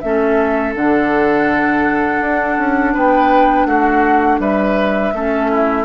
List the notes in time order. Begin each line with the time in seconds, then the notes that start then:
0.00 A3 C#4 A4 E5
0.75 D3 D4 F#5
2.20 D4
2.58 C#4
2.94 B3 B4 G5
3.65 A3 F#4 F#5
4.39 G3 B4 E5
5.13 A3 C#4 A4
5.51 E4